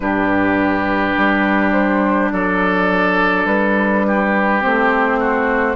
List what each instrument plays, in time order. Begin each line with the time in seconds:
0.00 bassoon G2, clarinet D4, oboe G4, flute B4
1.17 bassoon G3
1.72 flute C5
2.31 bassoon F#3, oboe A4, flute D5
3.45 bassoon G3, flute B4
4.07 oboe G4
4.60 bassoon A3, clarinet C4, flute C5
5.19 oboe F#4